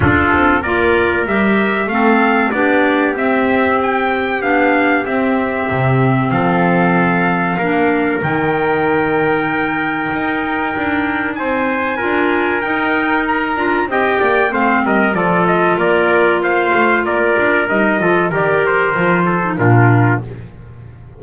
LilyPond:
<<
  \new Staff \with { instrumentName = "trumpet" } { \time 4/4 \tempo 4 = 95 a'4 d''4 e''4 f''4 | d''4 e''4 g''4 f''4 | e''2 f''2~ | f''4 g''2.~ |
g''2 gis''2 | g''4 ais''4 g''4 f''8 dis''8 | d''8 dis''8 d''4 f''4 d''4 | dis''4 d''8 c''4. ais'4 | }
  \new Staff \with { instrumentName = "trumpet" } { \time 4/4 f'4 ais'2 a'4 | g'1~ | g'2 a'2 | ais'1~ |
ais'2 c''4 ais'4~ | ais'2 dis''8 d''8 c''8 ais'8 | a'4 ais'4 c''4 ais'4~ | ais'8 a'8 ais'4. a'8 f'4 | }
  \new Staff \with { instrumentName = "clarinet" } { \time 4/4 d'4 f'4 g'4 c'4 | d'4 c'2 d'4 | c'1 | d'4 dis'2.~ |
dis'2. f'4 | dis'4. f'8 g'4 c'4 | f'1 | dis'8 f'8 g'4 f'8. dis'16 d'4 | }
  \new Staff \with { instrumentName = "double bass" } { \time 4/4 d'8 c'8 ais4 g4 a4 | b4 c'2 b4 | c'4 c4 f2 | ais4 dis2. |
dis'4 d'4 c'4 d'4 | dis'4. d'8 c'8 ais8 a8 g8 | f4 ais4. a8 ais8 d'8 | g8 f8 dis4 f4 ais,4 | }
>>